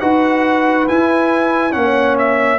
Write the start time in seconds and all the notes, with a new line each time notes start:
0.00 D#4 F#4 B4 F#5
0.88 E4 G#5
1.71 A#3 C#4 F#5
1.77 C#5
2.18 E5